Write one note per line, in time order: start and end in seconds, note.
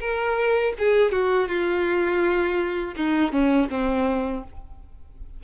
0.00 0.73 A#4
0.78 1.12 G#4
1.12 1.48 F#4
1.48 2.94 F4
2.96 3.32 D#4
3.32 3.69 C#4
3.70 4.43 C4